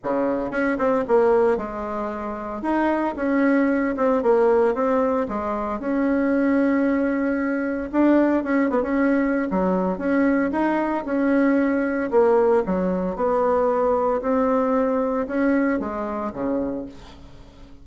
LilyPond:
\new Staff \with { instrumentName = "bassoon" } { \time 4/4 \tempo 4 = 114 cis4 cis'8 c'8 ais4 gis4~ | gis4 dis'4 cis'4. c'8 | ais4 c'4 gis4 cis'4~ | cis'2. d'4 |
cis'8 b16 cis'4~ cis'16 fis4 cis'4 | dis'4 cis'2 ais4 | fis4 b2 c'4~ | c'4 cis'4 gis4 cis4 | }